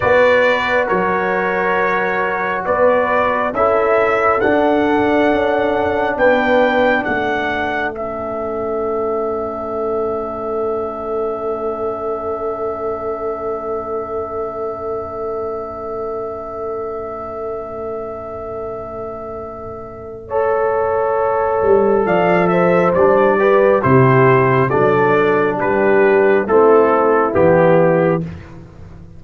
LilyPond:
<<
  \new Staff \with { instrumentName = "trumpet" } { \time 4/4 \tempo 4 = 68 d''4 cis''2 d''4 | e''4 fis''2 g''4 | fis''4 e''2.~ | e''1~ |
e''1~ | e''1~ | e''4 f''8 e''8 d''4 c''4 | d''4 b'4 a'4 g'4 | }
  \new Staff \with { instrumentName = "horn" } { \time 4/4 b'4 ais'2 b'4 | a'2. b'4 | a'1~ | a'1~ |
a'1~ | a'2. cis''4~ | cis''4 d''8 c''4 b'8 g'4 | a'4 g'4 e'2 | }
  \new Staff \with { instrumentName = "trombone" } { \time 4/4 fis'1 | e'4 d'2.~ | d'4 cis'2.~ | cis'1~ |
cis'1~ | cis'2. a'4~ | a'2 d'8 g'8 e'4 | d'2 c'4 b4 | }
  \new Staff \with { instrumentName = "tuba" } { \time 4/4 b4 fis2 b4 | cis'4 d'4 cis'4 b4 | a1~ | a1~ |
a1~ | a1~ | a8 g8 f4 g4 c4 | fis4 g4 a4 e4 | }
>>